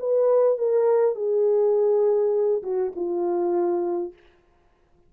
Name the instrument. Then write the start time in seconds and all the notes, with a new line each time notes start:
horn
0.00 B4
0.58 A#4
1.15 G#4
2.63 F#4
2.96 F4